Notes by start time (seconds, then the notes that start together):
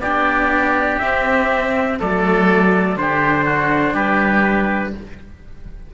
0.00 B3 D4 G4 D5
0.99 C4 E5
1.99 F#3 A3 A4 D5
2.96 D3 D4 G4 C5
3.45 F#4
3.94 G3 G4 B4